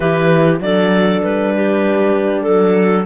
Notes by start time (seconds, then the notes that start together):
0.00 E3 E4 G4 B4
0.59 F#3 D4 A4 D5
1.23 G3 B4
1.55 G4
2.42 F#3 A4